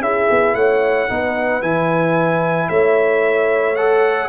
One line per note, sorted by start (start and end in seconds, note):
0.00 0.27 C#4
0.00 1.09 E4
0.00 0.55 G#4
0.00 0.54 E5
0.30 0.55 B3
0.54 1.08 A3
0.54 1.09 C#5
0.54 1.62 F#5
1.09 1.61 B3
1.09 1.61 D#4
1.09 2.69 B4
1.61 2.69 E3
1.61 3.76 E4
1.61 2.69 G#5
2.69 4.29 A3
2.69 4.29 C#5
2.69 3.75 E5
3.75 4.29 A4
3.75 4.29 F#5